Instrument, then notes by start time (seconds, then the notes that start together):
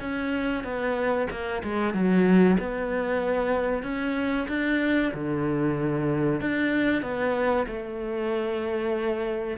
cello
0.00 C#4
0.64 B3
1.30 A#3
1.63 G#3
1.94 F#3
2.59 B3
3.83 C#4
4.48 D4
5.14 D3
6.40 D4
7.02 B3
7.67 A3